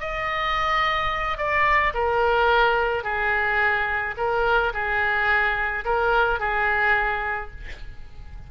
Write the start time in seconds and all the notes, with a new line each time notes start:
0.00 D#5
1.37 D5
1.94 A#4
3.03 G#4
4.17 A#4
4.73 G#4
5.85 A#4
6.39 G#4